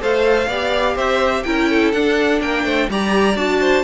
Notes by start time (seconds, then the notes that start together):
0.00 A3 A4 C5 F5
0.47 B3 G4 D5
0.95 C4 C5 E5
1.43 C#4 E4 A#4 G5
1.69 A4
1.92 D4 F#5
2.41 A#3 A#4 G5
2.64 A3 C5
2.89 G3 G4 D5 A#5
3.35 D4 F#4 A5
3.61 C5